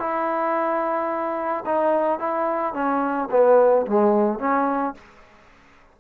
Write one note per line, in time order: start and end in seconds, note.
0.00 1.65 E4
1.66 2.20 D#4
2.20 2.74 E4
2.74 3.29 C#4
3.31 3.86 B3
3.87 4.40 G#3
4.40 4.95 C#4